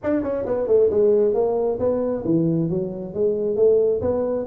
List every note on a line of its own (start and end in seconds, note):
0.03 0.22 D4
0.22 0.45 C#4
0.45 0.67 B3
0.67 0.89 A3
0.90 1.34 G#3
1.34 1.78 A#3
1.79 2.23 B3
2.24 2.69 E3
2.69 3.14 F#3
3.14 3.56 G#3
3.56 4.00 A3
4.01 4.46 B3